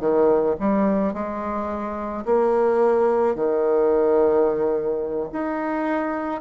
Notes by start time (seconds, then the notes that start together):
0.00 D#3
0.60 G3
1.14 G#3
2.25 A#3
3.35 D#3
5.32 D#4